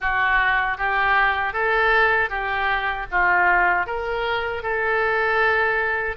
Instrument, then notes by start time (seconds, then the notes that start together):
oboe
0.00 F#4
0.77 G4
1.53 A4
2.29 G4
3.11 F4
3.86 A#4
4.62 A4